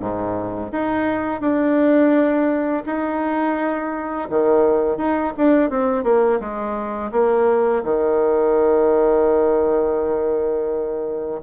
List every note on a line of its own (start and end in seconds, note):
0.00 0.71 G#2
0.72 1.41 D#4
1.41 2.84 D4
2.86 4.29 D#4
4.30 4.97 D#3
4.97 5.33 D#4
5.37 5.70 D4
5.70 6.04 C4
6.04 6.40 A#3
6.40 7.12 G#3
7.12 7.83 A#3
7.84 11.41 D#3